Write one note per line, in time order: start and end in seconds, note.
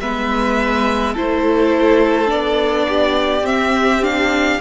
0.00 1.16 G#3
0.00 1.16 B3
0.00 1.14 B4
0.00 1.15 E5
1.14 2.30 A3
1.14 2.26 E4
1.14 2.87 A4
1.14 2.31 C5
2.26 3.42 B3
2.26 3.42 D4
2.26 3.46 D5
2.88 4.61 G4
3.42 4.57 C4
3.42 4.03 C4
3.42 4.04 E5
4.03 4.60 D4
4.03 4.61 F5